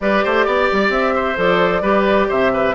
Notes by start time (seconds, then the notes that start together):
0.00 G3 G4 B4 D5
0.24 A3 C5
0.45 B3 D5
0.71 G3
0.89 C4 E5
1.15 C5
1.36 F3 A4 D5
1.81 G3 G4 B4
2.28 C3 C5 E5
2.53 B4